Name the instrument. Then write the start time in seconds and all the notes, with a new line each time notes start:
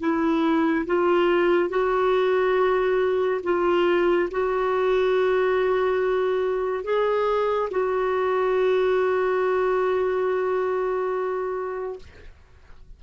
clarinet
0.00 E4
0.86 F4
1.70 F#4
3.43 F4
4.31 F#4
6.84 G#4
7.71 F#4